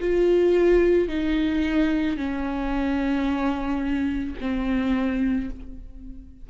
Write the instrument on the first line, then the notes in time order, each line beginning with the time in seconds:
viola
0.00 F4
1.08 D#4
2.17 C#4
4.40 C4